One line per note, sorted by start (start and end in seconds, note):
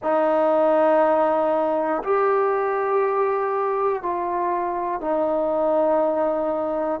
0.02 2.02 D#4
2.03 4.02 G4
4.02 5.00 F4
5.00 7.00 D#4